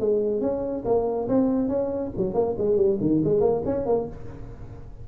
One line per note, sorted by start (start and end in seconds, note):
0.00 0.41 G#3
0.41 0.84 C#4
0.85 1.28 A#3
1.28 1.68 C4
1.68 2.11 C#4
2.17 2.34 F#3
2.34 2.56 A#3
2.58 2.77 G#3
2.77 2.98 G3
3.01 3.22 D#3
3.24 3.41 G#3
3.41 3.62 A#3
3.65 3.86 C#4
3.86 4.07 A#3